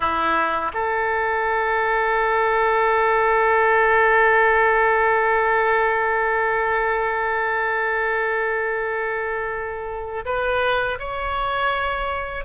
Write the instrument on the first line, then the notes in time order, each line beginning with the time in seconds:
oboe
0.00 E4
0.73 A4
10.25 B4
10.99 C#5